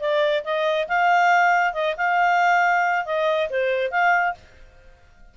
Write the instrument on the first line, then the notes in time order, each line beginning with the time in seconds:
clarinet
0.00 D5
0.44 D#5
0.88 F5
1.74 D#5
1.97 F5
3.06 D#5
3.50 C5
3.91 F5